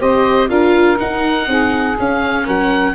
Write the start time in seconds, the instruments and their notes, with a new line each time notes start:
0.00 tuba C4, viola G4, saxophone C5, oboe D#5
0.49 tuba D4, viola F4, saxophone A#4, oboe F5
0.96 viola D#4, tuba D#4, oboe F#5
1.47 tuba C4, saxophone G#4
1.99 viola C#4, tuba C#4, oboe F5
2.44 tuba F#3, saxophone A#4, oboe F#5